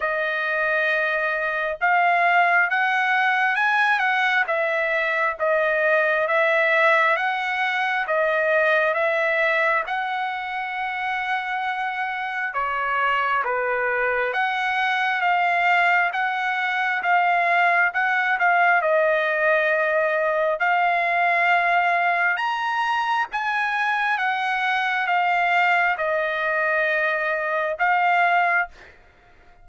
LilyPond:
\new Staff \with { instrumentName = "trumpet" } { \time 4/4 \tempo 4 = 67 dis''2 f''4 fis''4 | gis''8 fis''8 e''4 dis''4 e''4 | fis''4 dis''4 e''4 fis''4~ | fis''2 cis''4 b'4 |
fis''4 f''4 fis''4 f''4 | fis''8 f''8 dis''2 f''4~ | f''4 ais''4 gis''4 fis''4 | f''4 dis''2 f''4 | }